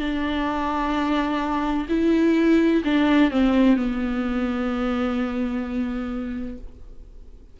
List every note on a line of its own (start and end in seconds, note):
0.00 1.87 D4
1.89 2.83 E4
2.85 3.31 D4
3.31 3.77 C4
3.77 6.58 B3